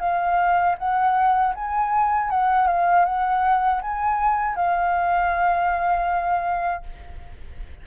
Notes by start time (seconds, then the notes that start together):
0.00 F5
0.78 F#5
1.55 G#5
2.31 F#5
2.68 F5
3.06 F#5
3.82 G#5
4.56 F5